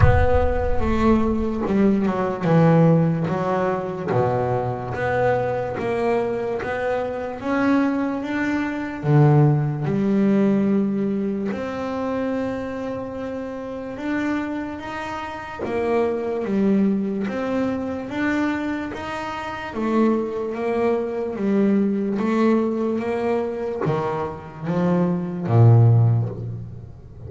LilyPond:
\new Staff \with { instrumentName = "double bass" } { \time 4/4 \tempo 4 = 73 b4 a4 g8 fis8 e4 | fis4 b,4 b4 ais4 | b4 cis'4 d'4 d4 | g2 c'2~ |
c'4 d'4 dis'4 ais4 | g4 c'4 d'4 dis'4 | a4 ais4 g4 a4 | ais4 dis4 f4 ais,4 | }